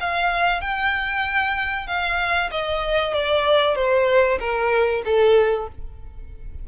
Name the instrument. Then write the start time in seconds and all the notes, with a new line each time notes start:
violin
0.00 F5
0.61 G5
1.87 F5
2.51 D#5
3.13 D5
3.75 C5
4.39 A#4
5.04 A4